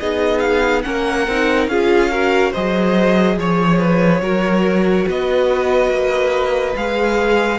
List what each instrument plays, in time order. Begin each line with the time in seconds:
0.00 cello B3, viola D#4, violin G#4 D#5
0.40 violin F5
0.83 cello A#3, viola C#4, violin A#4 F#5
1.28 cello C4, viola D#4
1.68 cello C#4, viola F4, violin G#4 F5
2.11 viola F#4, violin A#4
2.52 cello F#3, viola G#4, violin C5 D#5
3.38 cello F3, violin C#5
3.79 violin B4
4.21 cello F#3, viola F#4, violin A#4
5.07 cello B3, violin B4 D#5
5.91 cello A#3
6.76 cello G#3, viola G#4, violin F5